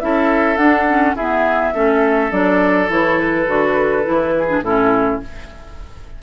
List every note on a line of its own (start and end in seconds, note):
0.00 0.57 C#4
0.00 0.57 E4
0.00 1.16 A4
0.00 0.57 E5
0.57 1.15 D4
0.57 0.86 D4
0.57 1.15 F#5
0.88 1.17 C#4
1.15 1.74 B3
1.15 1.73 E4
1.15 1.74 G#4
1.15 2.32 E5
1.74 2.31 A3
1.74 2.31 C#4
1.74 4.34 A4
2.31 2.89 F#3
2.31 2.88 D4
2.31 2.90 D5
2.89 3.47 E3
2.89 3.47 E4
2.89 3.20 C#5
3.20 4.63 B4
3.47 4.06 D3
3.47 4.03 F#4
4.03 4.61 E3
4.03 4.47 E4
4.38 4.64 G#4
4.48 4.62 D4
4.61 5.19 A2
4.61 5.23 C#4
4.61 5.22 E4
4.61 5.21 A4